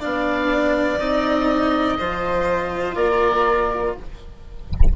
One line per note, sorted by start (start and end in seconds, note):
0.00 0.99 B3
0.00 0.99 D4
0.00 1.97 D5
0.00 1.00 F5
0.99 1.98 C4
0.99 1.99 D#4
0.99 2.96 D#5
1.99 2.96 F3
1.99 3.96 F4
1.99 2.95 C5
2.95 3.94 A#3
2.95 3.93 A#4
2.95 3.94 D5